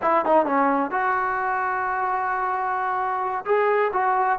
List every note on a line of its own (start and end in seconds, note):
0.02 0.25 E4
0.25 0.45 D#4
0.45 0.90 C#4
0.90 3.44 F#4
3.45 3.91 G#4
3.93 4.39 F#4